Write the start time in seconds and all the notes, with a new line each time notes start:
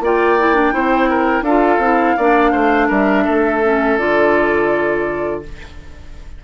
0.00 A#3 F4 D5 G5
0.39 E4
0.54 D4
0.72 C4 E4 C5
1.09 A#4
1.41 D4 F4 A4 F5
1.78 C4 E4
2.16 A#3 D4 D5
2.51 A3 C5
2.88 G3 A#4 E5
3.24 A3 A4
3.63 C#4
3.98 D3 F4 D5